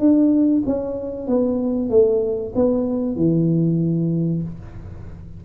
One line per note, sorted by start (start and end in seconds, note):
0.00 0.63 D4
0.66 1.28 C#4
1.28 1.90 B3
1.90 2.53 A3
2.56 3.16 B3
3.16 4.43 E3